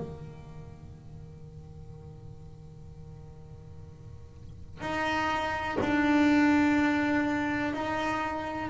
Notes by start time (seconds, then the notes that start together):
0.00 D#3
4.81 D#4
5.81 D4
7.73 D#4